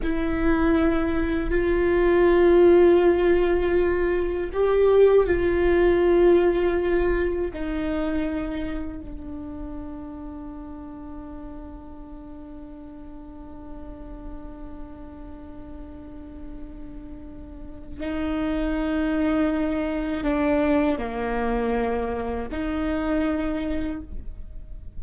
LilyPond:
\new Staff \with { instrumentName = "viola" } { \time 4/4 \tempo 4 = 80 e'2 f'2~ | f'2 g'4 f'4~ | f'2 dis'2 | d'1~ |
d'1~ | d'1 | dis'2. d'4 | ais2 dis'2 | }